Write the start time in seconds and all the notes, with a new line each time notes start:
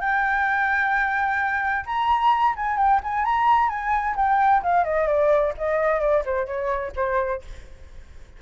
0.00 G5
1.85 A#5
2.56 G#5
2.77 G5
3.03 G#5
3.25 A#5
3.69 G#5
4.16 G5
4.63 F5
4.84 D#5
5.07 D5
5.57 D#5
6.00 D5
6.25 C5
6.46 C#5
6.96 C5